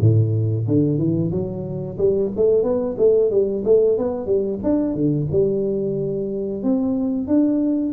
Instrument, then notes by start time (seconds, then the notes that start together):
tuba
0.00 A2
0.67 D3
0.98 E3
1.31 F#3
1.98 G3
2.36 A3
2.63 B3
2.97 A3
3.30 G3
3.64 A3
3.98 B3
4.26 G3
4.63 D4
4.94 D3
5.31 G3
6.63 C4
7.27 D4